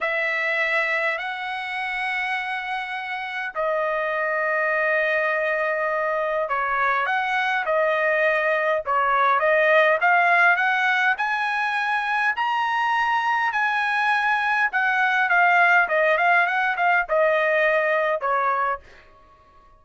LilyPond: \new Staff \with { instrumentName = "trumpet" } { \time 4/4 \tempo 4 = 102 e''2 fis''2~ | fis''2 dis''2~ | dis''2. cis''4 | fis''4 dis''2 cis''4 |
dis''4 f''4 fis''4 gis''4~ | gis''4 ais''2 gis''4~ | gis''4 fis''4 f''4 dis''8 f''8 | fis''8 f''8 dis''2 cis''4 | }